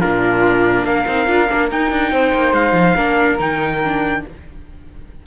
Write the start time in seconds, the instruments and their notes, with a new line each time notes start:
0.00 cello A#2, viola D4, flute F4, trumpet A#4
0.83 cello A#3, flute A#4, trumpet F5
1.07 cello C4, viola D#4
1.26 cello D4, viola F4
1.49 cello A#3, viola D4
1.71 cello D#4, viola D#4, trumpet G5
1.91 cello D4
2.11 cello C4, flute C5
2.33 cello A#3
2.52 cello G#3, trumpet F5
2.72 cello F3
2.95 cello A#3, viola D4, flute A#4
3.38 cello D#3, viola D#4, trumpet G5
3.84 viola D4